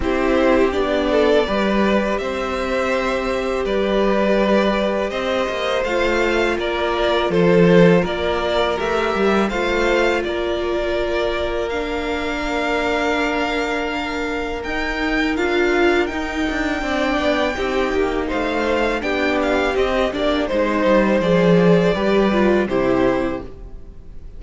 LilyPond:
<<
  \new Staff \with { instrumentName = "violin" } { \time 4/4 \tempo 4 = 82 c''4 d''2 e''4~ | e''4 d''2 dis''4 | f''4 d''4 c''4 d''4 | e''4 f''4 d''2 |
f''1 | g''4 f''4 g''2~ | g''4 f''4 g''8 f''8 dis''8 d''8 | c''4 d''2 c''4 | }
  \new Staff \with { instrumentName = "violin" } { \time 4/4 g'4. a'8 b'4 c''4~ | c''4 b'2 c''4~ | c''4 ais'4 a'4 ais'4~ | ais'4 c''4 ais'2~ |
ais'1~ | ais'2. d''4 | g'4 c''4 g'2 | c''2 b'4 g'4 | }
  \new Staff \with { instrumentName = "viola" } { \time 4/4 e'4 d'4 g'2~ | g'1 | f'1 | g'4 f'2. |
d'1 | dis'4 f'4 dis'4 d'4 | dis'2 d'4 c'8 d'8 | dis'4 gis'4 g'8 f'8 e'4 | }
  \new Staff \with { instrumentName = "cello" } { \time 4/4 c'4 b4 g4 c'4~ | c'4 g2 c'8 ais8 | a4 ais4 f4 ais4 | a8 g8 a4 ais2~ |
ais1 | dis'4 d'4 dis'8 d'8 c'8 b8 | c'8 ais8 a4 b4 c'8 ais8 | gis8 g8 f4 g4 c4 | }
>>